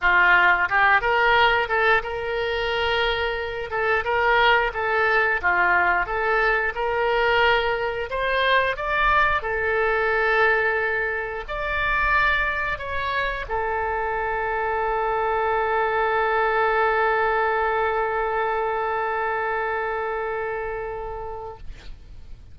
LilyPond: \new Staff \with { instrumentName = "oboe" } { \time 4/4 \tempo 4 = 89 f'4 g'8 ais'4 a'8 ais'4~ | ais'4. a'8 ais'4 a'4 | f'4 a'4 ais'2 | c''4 d''4 a'2~ |
a'4 d''2 cis''4 | a'1~ | a'1~ | a'1 | }